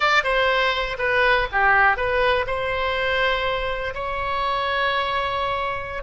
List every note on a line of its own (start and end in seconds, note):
0.00 0.23 D5
0.23 0.97 C5
0.98 1.47 B4
1.51 1.96 G4
1.96 2.45 B4
2.46 3.94 C5
3.94 6.03 C#5